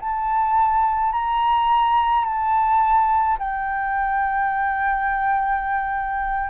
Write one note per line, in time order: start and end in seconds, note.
0.00 1.12 A5
1.12 2.25 A#5
2.25 3.38 A5
3.39 6.49 G5